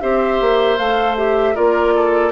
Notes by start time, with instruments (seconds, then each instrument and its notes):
0.00 bassoon C4, clarinet G4, oboe C5, flute E5
0.40 bassoon A#3
0.77 bassoon A3, clarinet A4, flute F5
1.17 clarinet G4, flute E5
1.54 bassoon A#3, clarinet F4, oboe A#4, flute D5
1.94 oboe A4